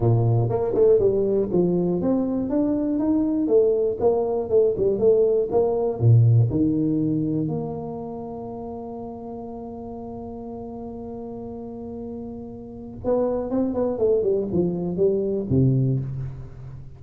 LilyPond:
\new Staff \with { instrumentName = "tuba" } { \time 4/4 \tempo 4 = 120 ais,4 ais8 a8 g4 f4 | c'4 d'4 dis'4 a4 | ais4 a8 g8 a4 ais4 | ais,4 dis2 ais4~ |
ais1~ | ais1~ | ais2 b4 c'8 b8 | a8 g8 f4 g4 c4 | }